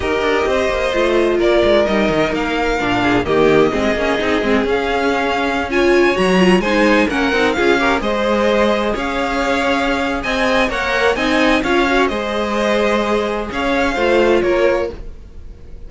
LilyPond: <<
  \new Staff \with { instrumentName = "violin" } { \time 4/4 \tempo 4 = 129 dis''2. d''4 | dis''4 f''2 dis''4~ | dis''2 f''2~ | f''16 gis''4 ais''4 gis''4 fis''8.~ |
fis''16 f''4 dis''2 f''8.~ | f''2 gis''4 fis''4 | gis''4 f''4 dis''2~ | dis''4 f''2 cis''4 | }
  \new Staff \with { instrumentName = "violin" } { \time 4/4 ais'4 c''2 ais'4~ | ais'2~ ais'8 gis'8 g'4 | gis'1~ | gis'16 cis''2 c''4 ais'8.~ |
ais'16 gis'8 ais'8 c''2 cis''8.~ | cis''2 dis''4 cis''4 | dis''4 cis''4 c''2~ | c''4 cis''4 c''4 ais'4 | }
  \new Staff \with { instrumentName = "viola" } { \time 4/4 g'2 f'2 | dis'2 d'4 ais4 | c'8 cis'8 dis'8 c'8 cis'2~ | cis'16 f'4 fis'8 f'8 dis'4 cis'8 dis'16~ |
dis'16 f'8 g'8 gis'2~ gis'8.~ | gis'2. ais'4 | dis'4 f'8 fis'8 gis'2~ | gis'2 f'2 | }
  \new Staff \with { instrumentName = "cello" } { \time 4/4 dis'8 d'8 c'8 ais8 a4 ais8 gis8 | g8 dis8 ais4 ais,4 dis4 | gis8 ais8 c'8 gis8 cis'2~ | cis'4~ cis'16 fis4 gis4 ais8 c'16~ |
c'16 cis'4 gis2 cis'8.~ | cis'2 c'4 ais4 | c'4 cis'4 gis2~ | gis4 cis'4 a4 ais4 | }
>>